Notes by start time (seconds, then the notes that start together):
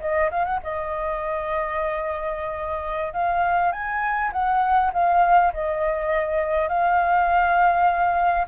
0.00 D#5
0.31 F5
0.45 F#5
0.63 D#5
3.13 F5
3.72 G#5
4.32 F#5
4.93 F5
5.53 D#5
6.68 F5